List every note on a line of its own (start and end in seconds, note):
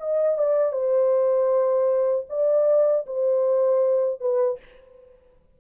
0.00 0.38 D#5
0.38 0.72 D5
0.72 2.26 C5
2.29 3.06 D5
3.06 4.21 C5
4.21 4.59 B4